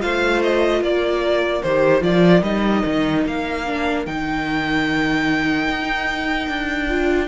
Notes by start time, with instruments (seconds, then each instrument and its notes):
0.00 cello A3, viola F4, violin C5 F5
0.43 violin D#5
0.82 cello A#3, violin A#4 D5
1.63 cello D#3, viola G4, violin C5
2.02 cello F3, viola F4, violin D5
2.43 cello G3, viola D#4, violin D#5
2.86 cello D#3
3.26 cello A#3, violin F5
3.66 viola D4
4.07 cello D#3, viola D#4, violin G5
5.70 cello D#4
6.49 cello D4
6.90 viola F4